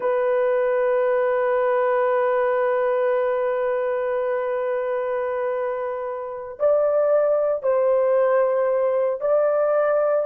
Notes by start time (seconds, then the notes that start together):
0.00 B4
6.59 D5
7.62 C5
9.20 D5